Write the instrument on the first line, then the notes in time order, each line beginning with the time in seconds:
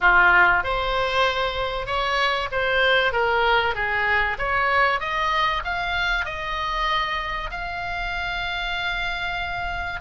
oboe
0.01 F4
0.63 C5
1.86 C#5
2.51 C5
3.12 A#4
3.74 G#4
4.38 C#5
5.00 D#5
5.64 F5
6.25 D#5
7.50 F5